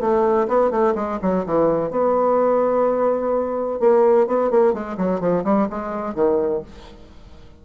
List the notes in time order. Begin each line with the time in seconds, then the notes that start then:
0.00 A3
0.47 B3
0.70 A3
0.95 G#3
1.21 F#3
1.45 E3
1.90 B3
3.79 A#3
4.27 B3
4.50 A#3
4.73 G#3
4.97 F#3
5.20 F3
5.44 G3
5.70 G#3
6.14 D#3